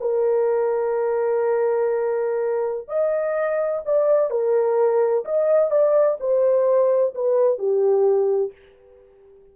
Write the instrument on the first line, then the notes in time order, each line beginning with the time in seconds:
horn
0.00 A#4
2.88 D#5
3.85 D5
4.30 A#4
5.25 D#5
5.71 D5
6.20 C5
7.14 B4
7.58 G4